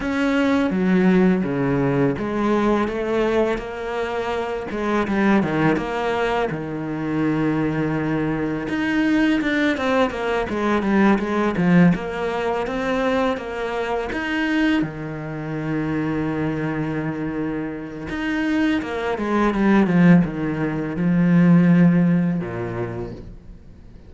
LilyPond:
\new Staff \with { instrumentName = "cello" } { \time 4/4 \tempo 4 = 83 cis'4 fis4 cis4 gis4 | a4 ais4. gis8 g8 dis8 | ais4 dis2. | dis'4 d'8 c'8 ais8 gis8 g8 gis8 |
f8 ais4 c'4 ais4 dis'8~ | dis'8 dis2.~ dis8~ | dis4 dis'4 ais8 gis8 g8 f8 | dis4 f2 ais,4 | }